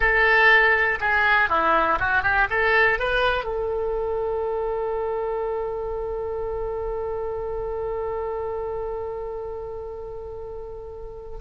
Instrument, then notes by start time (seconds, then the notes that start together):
oboe
0.00 A4
1.00 G#4
1.49 E4
1.99 F#4
2.22 G4
2.50 A4
2.99 B4
3.44 A4